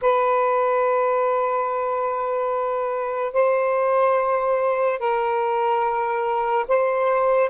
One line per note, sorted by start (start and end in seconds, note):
0.01 3.33 B4
3.33 4.98 C5
4.98 6.65 A#4
6.68 7.49 C5